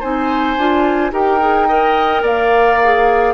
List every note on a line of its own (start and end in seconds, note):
0.00 0.57 C4
0.00 0.57 D#4
0.00 1.11 C5
0.00 1.12 G#5
0.57 1.12 D4
0.57 1.11 F4
1.11 2.22 D#4
1.11 1.39 G4
1.11 1.68 A#4
1.11 2.25 G5
1.40 1.68 G#4
1.68 2.80 A#4
1.68 2.22 D#5
2.22 3.33 A#3
2.22 3.33 D5
2.22 3.34 F5
2.83 3.34 G#4